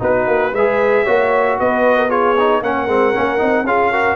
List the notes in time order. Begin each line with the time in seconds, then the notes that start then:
0.00 B3 D#4 F#4 B4
0.28 A#3
0.53 G#3 G#4 B4 E5
1.05 A#3 F#4 C#5
1.60 B3 B4 D#5
1.97 A#4
2.09 F4 G#4 C#5
2.39 D#4
2.62 A#3 C#4 A#4 F#5
2.88 G#3 C4
3.14 A#3 C#4
3.38 C4 D#4
3.64 C#4 F4 G#4 F5
3.91 F#4 A#4